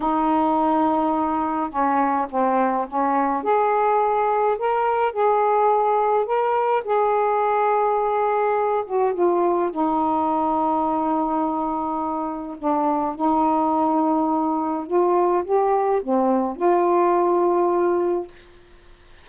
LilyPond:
\new Staff \with { instrumentName = "saxophone" } { \time 4/4 \tempo 4 = 105 dis'2. cis'4 | c'4 cis'4 gis'2 | ais'4 gis'2 ais'4 | gis'2.~ gis'8 fis'8 |
f'4 dis'2.~ | dis'2 d'4 dis'4~ | dis'2 f'4 g'4 | c'4 f'2. | }